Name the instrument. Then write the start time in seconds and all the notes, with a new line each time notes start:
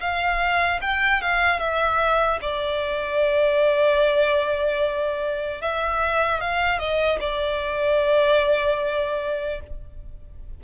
violin
0.00 F5
0.81 G5
1.21 F5
1.60 E5
2.41 D5
5.61 E5
6.41 F5
6.79 D#5
7.20 D5